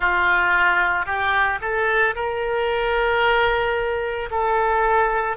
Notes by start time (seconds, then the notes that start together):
0.00 F4
1.05 G4
1.61 A4
2.15 A#4
4.31 A4